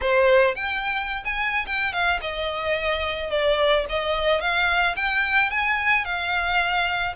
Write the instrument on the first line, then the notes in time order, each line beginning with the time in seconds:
violin
0.01 C5
0.55 G5
1.24 G#5
1.66 G5
1.92 F5
2.21 D#5
3.30 D5
3.89 D#5
4.40 F5
4.95 G5
5.50 G#5
6.04 F5